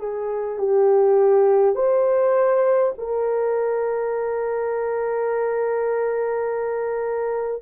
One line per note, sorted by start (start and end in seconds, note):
0.00 0.59 G#4
0.59 1.75 G4
1.75 2.93 C5
2.98 7.63 A#4